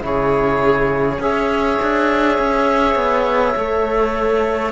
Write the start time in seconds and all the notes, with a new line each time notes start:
0.00 C#3 E4 G#4 C#5
1.19 C#4 G#4 C#5 E5
1.82 D4
2.38 C#4
2.95 B3
3.56 A3 A4